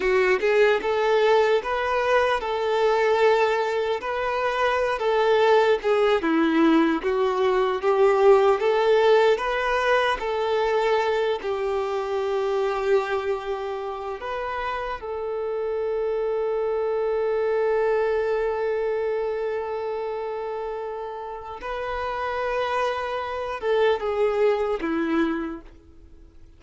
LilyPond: \new Staff \with { instrumentName = "violin" } { \time 4/4 \tempo 4 = 75 fis'8 gis'8 a'4 b'4 a'4~ | a'4 b'4~ b'16 a'4 gis'8 e'16~ | e'8. fis'4 g'4 a'4 b'16~ | b'8. a'4. g'4.~ g'16~ |
g'4.~ g'16 b'4 a'4~ a'16~ | a'1~ | a'2. b'4~ | b'4. a'8 gis'4 e'4 | }